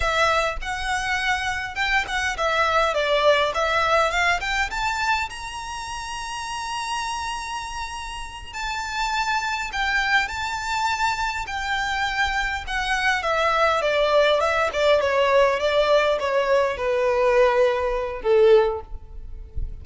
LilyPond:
\new Staff \with { instrumentName = "violin" } { \time 4/4 \tempo 4 = 102 e''4 fis''2 g''8 fis''8 | e''4 d''4 e''4 f''8 g''8 | a''4 ais''2.~ | ais''2~ ais''8 a''4.~ |
a''8 g''4 a''2 g''8~ | g''4. fis''4 e''4 d''8~ | d''8 e''8 d''8 cis''4 d''4 cis''8~ | cis''8 b'2~ b'8 a'4 | }